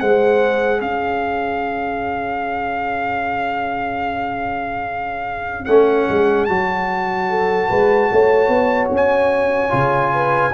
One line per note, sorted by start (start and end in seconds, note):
0.00 0.81 G#3
0.00 5.68 G#4
0.00 0.82 C5
0.00 0.81 F#5
0.81 5.68 C#4
0.81 7.30 C#5
0.81 5.65 F5
5.65 6.08 A3
5.65 6.49 C#4
5.65 6.45 F#5
6.09 6.49 G#3
6.45 7.71 F#3
6.45 9.70 F#4
6.45 8.88 A5
7.30 7.70 A4
7.70 8.11 G#3
7.70 8.10 B4
8.12 8.48 A3
8.12 10.14 C#5
8.48 8.89 B3
8.91 9.72 C#4
8.91 10.54 G#5
9.70 10.54 C#3
9.70 10.51 F4
10.14 10.54 B4